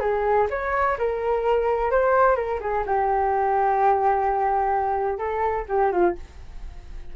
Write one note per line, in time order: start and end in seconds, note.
0.00 0.47 G#4
0.51 0.98 C#5
0.98 1.91 A#4
1.91 2.36 C5
2.36 2.60 A#4
2.61 2.84 G#4
2.86 5.19 G4
5.19 5.66 A4
5.69 5.92 G4
5.92 6.16 F4